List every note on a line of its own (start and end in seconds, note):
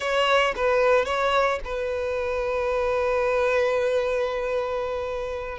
0.00 0.54 C#5
0.56 1.05 B4
1.05 1.59 C#5
1.64 5.58 B4